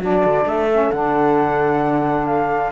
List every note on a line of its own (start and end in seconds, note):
0.00 0.23 F#3
0.00 0.68 D4
0.00 0.45 F#4
0.00 0.48 D5
0.24 0.44 D3
0.44 0.90 A3
0.44 2.72 A4
0.44 0.91 E5
0.72 0.92 C#4
0.91 2.72 D3
0.91 2.72 D4
0.91 2.26 F#5
2.26 2.71 F5